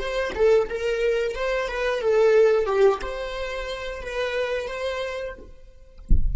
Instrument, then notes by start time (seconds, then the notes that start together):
viola
0.00 C5
0.35 A4
0.70 A#4
1.35 C5
1.68 B4
2.01 A4
2.66 G4
3.02 C5
4.02 B4
4.68 C5